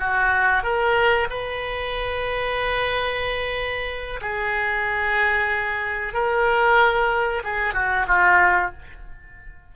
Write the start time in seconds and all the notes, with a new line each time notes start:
0.00 F#4
0.64 A#4
1.30 B4
4.22 G#4
6.14 A#4
7.44 G#4
7.74 F#4
8.08 F4